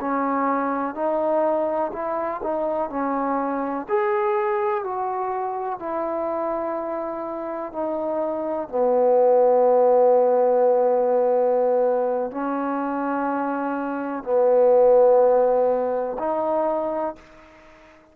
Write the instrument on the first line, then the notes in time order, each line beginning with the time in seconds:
trombone
0.00 C#4
0.95 D#4
1.92 E4
2.43 D#4
2.89 C#4
3.88 G#4
4.83 F#4
5.79 E4
7.72 D#4
8.69 B3
12.31 C#4
14.23 B3
16.19 D#4